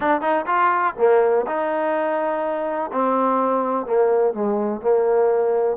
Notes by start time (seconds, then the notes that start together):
0.00 D4
0.21 D#4
0.46 F4
0.97 A#3
1.46 D#4
2.92 C4
3.86 A#3
4.33 G#3
4.81 A#3